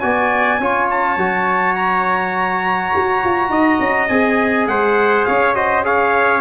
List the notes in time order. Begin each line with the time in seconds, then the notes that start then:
0.00 B3 F#4 D5 G#5
0.59 C#4 F4 C#5
0.90 A5
1.17 F#3 F#4
1.75 A#5
2.95 F#4
3.24 F4
3.50 D#4 D#5
3.79 C#4
4.08 C4 G#4 G#5
4.67 G#3 C5 F#5
5.25 C#4 C#5 F5
5.55 F#4 C5 D#5
5.84 G#4 C#5 F5